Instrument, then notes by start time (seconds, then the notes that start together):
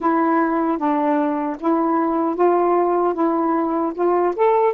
saxophone
0.00 E4
0.78 D4
1.60 E4
2.35 F4
3.14 E4
3.94 F4
4.36 A4